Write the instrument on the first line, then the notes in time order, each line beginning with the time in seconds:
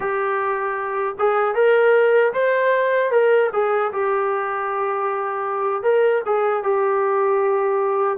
trombone
0.00 G4
1.18 G#4
1.54 A#4
2.33 C5
3.11 A#4
3.52 G#4
3.92 G4
5.82 A#4
6.26 G#4
6.63 G4